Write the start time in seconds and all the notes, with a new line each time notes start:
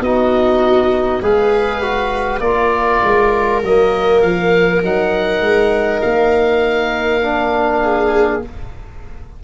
0.00 B3 D#4 F#4 D#5
1.22 G#3 G#4 B4 F5
1.82 F#4
2.40 A#3 F4 A#4 D5
3.03 G#3
3.63 F#3 A#3 D#5
4.21 F3 F5
4.83 F#3 D#4 F#5
5.41 G#3
6.01 A#3 F5
7.22 D4
7.82 G#4